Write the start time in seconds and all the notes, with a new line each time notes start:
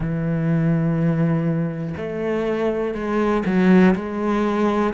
0.00 E3
1.96 A3
2.94 G#3
3.45 F#3
3.95 G#3